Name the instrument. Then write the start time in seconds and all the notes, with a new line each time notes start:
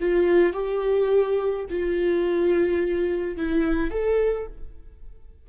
viola
0.00 F4
0.53 G4
1.70 F4
3.37 E4
3.91 A4